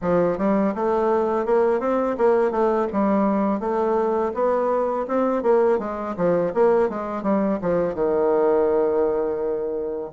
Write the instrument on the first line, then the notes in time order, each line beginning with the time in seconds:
bassoon
0.01 F3
0.38 G3
0.74 A3
1.45 A#3
1.80 C4
2.17 A#3
2.51 A3
2.92 G3
3.59 A3
4.34 B3
5.07 C4
5.42 A#3
5.78 G#3
6.16 F3
6.54 A#3
6.89 G#3
7.23 G3
7.61 F3
7.94 D#3